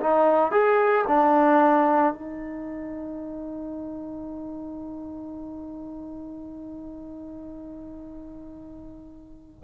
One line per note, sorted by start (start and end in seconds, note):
0.00 0.51 D#4
0.51 1.05 G#4
1.07 2.13 D4
2.13 9.63 D#4